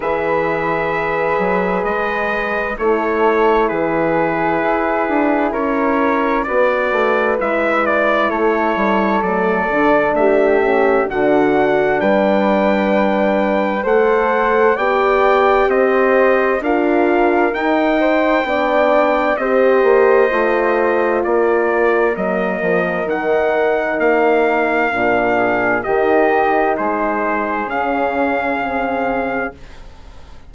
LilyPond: <<
  \new Staff \with { instrumentName = "trumpet" } { \time 4/4 \tempo 4 = 65 e''2 dis''4 cis''4 | b'2 cis''4 d''4 | e''8 d''8 cis''4 d''4 e''4 | fis''4 g''2 fis''4 |
g''4 dis''4 f''4 g''4~ | g''4 dis''2 d''4 | dis''4 fis''4 f''2 | dis''4 c''4 f''2 | }
  \new Staff \with { instrumentName = "flute" } { \time 4/4 b'2. a'4 | gis'2 ais'4 b'4~ | b'4 a'2 g'4 | fis'4 b'2 c''4 |
d''4 c''4 ais'4. c''8 | d''4 c''2 ais'4~ | ais'2.~ ais'8 gis'8 | g'4 gis'2. | }
  \new Staff \with { instrumentName = "horn" } { \time 4/4 gis'2. e'4~ | e'2. fis'4 | e'2 a8 d'4 cis'8 | d'2. a'4 |
g'2 f'4 dis'4 | d'4 g'4 f'2 | ais4 dis'2 d'4 | dis'2 cis'4 c'4 | }
  \new Staff \with { instrumentName = "bassoon" } { \time 4/4 e4. fis8 gis4 a4 | e4 e'8 d'8 cis'4 b8 a8 | gis4 a8 g8 fis8 d8 a4 | d4 g2 a4 |
b4 c'4 d'4 dis'4 | b4 c'8 ais8 a4 ais4 | fis8 f8 dis4 ais4 ais,4 | dis4 gis4 cis2 | }
>>